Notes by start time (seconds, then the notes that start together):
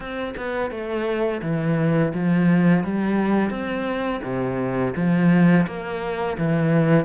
0.00 C4
0.36 B3
0.70 A3
1.42 E3
2.14 F3
2.84 G3
3.50 C4
4.23 C3
4.96 F3
5.66 A#3
6.37 E3